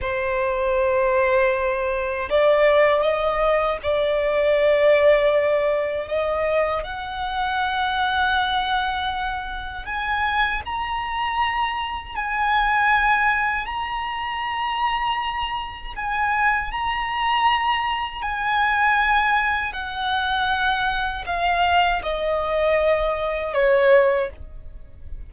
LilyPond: \new Staff \with { instrumentName = "violin" } { \time 4/4 \tempo 4 = 79 c''2. d''4 | dis''4 d''2. | dis''4 fis''2.~ | fis''4 gis''4 ais''2 |
gis''2 ais''2~ | ais''4 gis''4 ais''2 | gis''2 fis''2 | f''4 dis''2 cis''4 | }